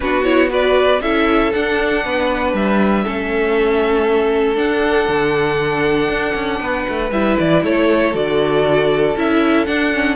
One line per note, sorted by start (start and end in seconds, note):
0.00 1.01 B3
0.00 0.24 D4
0.00 0.50 F#4
0.00 0.24 B4
0.24 0.48 E4
0.24 0.49 C#5
0.48 0.99 F#4
0.48 1.01 B4
0.48 1.01 D5
1.01 1.52 C#4
1.01 1.53 E4
1.01 2.04 A4
1.01 1.52 E5
1.52 3.04 D4
1.52 2.05 D4
1.52 2.53 F#5
2.04 2.53 B3
2.04 3.04 B4
2.53 3.04 G3
2.53 4.56 E5
3.04 4.57 A3
3.04 4.55 C#4
3.04 6.60 A4
4.55 7.09 D4
4.55 5.08 D4
4.55 7.11 F#5
5.08 6.08 D3
6.08 6.34 D4
6.34 6.60 C#4
6.60 6.85 B3
6.60 7.62 B4
6.88 7.10 A3
7.10 7.36 G3
7.10 8.13 E4
7.10 7.37 E5
7.39 7.63 E3
7.39 7.64 D5
7.63 8.14 A3
7.63 10.15 A4
7.63 8.15 C#5
8.13 9.16 D3
8.13 9.15 F#4
8.13 9.17 D5
9.16 9.67 C#4
9.16 9.66 E4
9.16 9.66 E5
9.66 9.91 D4
9.66 10.15 D4
9.66 10.15 F#5
9.92 10.15 C#4